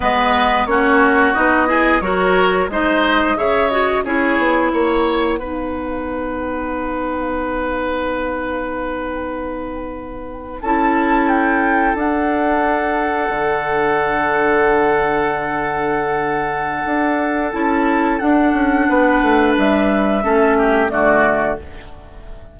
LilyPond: <<
  \new Staff \with { instrumentName = "flute" } { \time 4/4 \tempo 4 = 89 dis''4 cis''4 dis''4 cis''4 | dis''4 e''8 dis''8 cis''4 fis''4~ | fis''1~ | fis''2.~ fis''8. a''16~ |
a''8. g''4 fis''2~ fis''16~ | fis''1~ | fis''2 a''4 fis''4~ | fis''4 e''2 d''4 | }
  \new Staff \with { instrumentName = "oboe" } { \time 4/4 b'4 fis'4. gis'8 ais'4 | c''4 cis''4 gis'4 cis''4 | b'1~ | b'2.~ b'8. a'16~ |
a'1~ | a'1~ | a'1 | b'2 a'8 g'8 fis'4 | }
  \new Staff \with { instrumentName = "clarinet" } { \time 4/4 b4 cis'4 dis'8 e'8 fis'4 | dis'4 gis'8 fis'8 e'2 | dis'1~ | dis'2.~ dis'8. e'16~ |
e'4.~ e'16 d'2~ d'16~ | d'1~ | d'2 e'4 d'4~ | d'2 cis'4 a4 | }
  \new Staff \with { instrumentName = "bassoon" } { \time 4/4 gis4 ais4 b4 fis4 | gis4 cis4 cis'8 b8 ais4 | b1~ | b2.~ b8. cis'16~ |
cis'4.~ cis'16 d'2 d16~ | d1~ | d4 d'4 cis'4 d'8 cis'8 | b8 a8 g4 a4 d4 | }
>>